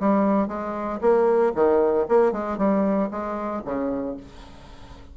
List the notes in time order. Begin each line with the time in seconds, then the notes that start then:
0.00 G3
0.48 G#3
1.01 A#3
1.55 D#3
2.09 A#3
2.32 G#3
2.58 G3
3.11 G#3
3.65 C#3